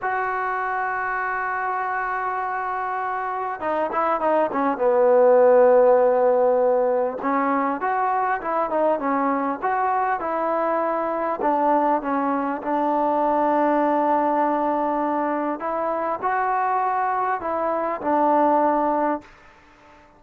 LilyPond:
\new Staff \with { instrumentName = "trombone" } { \time 4/4 \tempo 4 = 100 fis'1~ | fis'2 dis'8 e'8 dis'8 cis'8 | b1 | cis'4 fis'4 e'8 dis'8 cis'4 |
fis'4 e'2 d'4 | cis'4 d'2.~ | d'2 e'4 fis'4~ | fis'4 e'4 d'2 | }